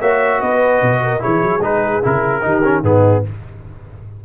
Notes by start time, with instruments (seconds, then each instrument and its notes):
0.00 tuba A#3, trombone F#4, horn C#5, trumpet E5
0.39 tuba B3, horn B4, trumpet D#5
0.82 tuba B2
1.02 horn A#4
1.19 trombone E4, horn G#4, trumpet C#5
1.25 tuba E3
1.43 tuba F#3
1.60 tuba G#3, trombone D#4, trumpet B4
2.03 tuba C#3, trombone E4, trumpet A#4
2.41 tuba D#3, trombone D#4, horn G4
2.64 trombone C#4
2.82 tuba G#2, trombone B3, horn D#4, trumpet G#4